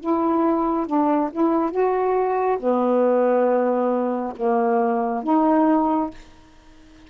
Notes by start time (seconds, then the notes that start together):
0.00 E4
0.87 D4
1.32 E4
1.71 F#4
2.59 B3
4.36 A#3
5.23 D#4